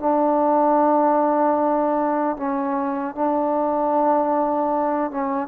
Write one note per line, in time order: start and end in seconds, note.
0.00 2.37 D4
2.37 3.15 C#4
3.15 5.11 D4
5.11 5.48 C#4